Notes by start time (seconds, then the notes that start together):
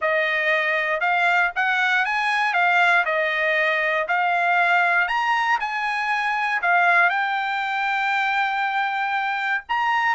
0.01 D#5
1.00 F5
1.55 F#5
2.05 G#5
2.53 F5
3.05 D#5
4.07 F5
5.08 A#5
5.59 G#5
6.62 F5
7.09 G5
9.68 A#5